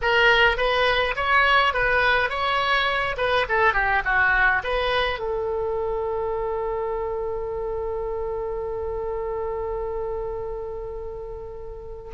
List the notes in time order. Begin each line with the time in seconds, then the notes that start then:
0.01 A#4
0.57 B4
1.16 C#5
1.73 B4
2.29 C#5
3.17 B4
3.49 A4
3.73 G4
4.04 F#4
4.63 B4
5.19 A4